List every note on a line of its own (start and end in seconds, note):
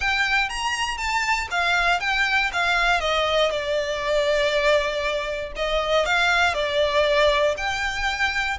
0.00 0.49 G5
0.49 0.97 A#5
0.97 1.47 A5
1.51 2.00 F5
2.00 2.50 G5
2.52 3.00 F5
3.00 3.50 D#5
3.50 5.52 D5
5.56 6.05 D#5
6.05 6.54 F5
6.54 7.55 D5
7.57 8.58 G5